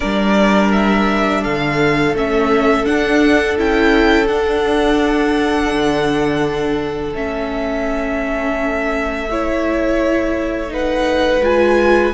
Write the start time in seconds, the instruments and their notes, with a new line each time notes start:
0.00 cello G3, viola D4, violin A#4 D5
0.72 violin E5
1.42 cello D3, violin A4 F5
2.14 cello A3, viola C#4, violin E5
2.84 viola D4, cello D4, violin F#5
3.57 cello C#4, viola E4, violin G5
4.27 viola D4, cello D4, violin F#5
5.72 cello D3
7.13 cello A3, viola C#4, violin E5
9.30 viola E4, violin C#5
10.68 viola D#4, violin B4 F#5
11.41 cello G#3, viola F4, violin G#5